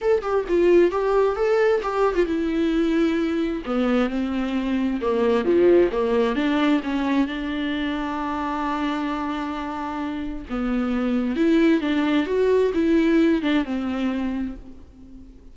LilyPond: \new Staff \with { instrumentName = "viola" } { \time 4/4 \tempo 4 = 132 a'8 g'8 f'4 g'4 a'4 | g'8. f'16 e'2. | b4 c'2 ais4 | f4 ais4 d'4 cis'4 |
d'1~ | d'2. b4~ | b4 e'4 d'4 fis'4 | e'4. d'8 c'2 | }